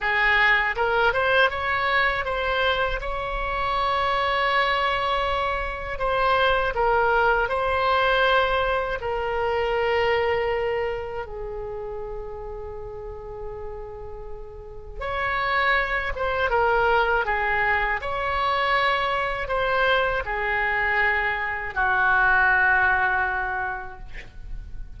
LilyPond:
\new Staff \with { instrumentName = "oboe" } { \time 4/4 \tempo 4 = 80 gis'4 ais'8 c''8 cis''4 c''4 | cis''1 | c''4 ais'4 c''2 | ais'2. gis'4~ |
gis'1 | cis''4. c''8 ais'4 gis'4 | cis''2 c''4 gis'4~ | gis'4 fis'2. | }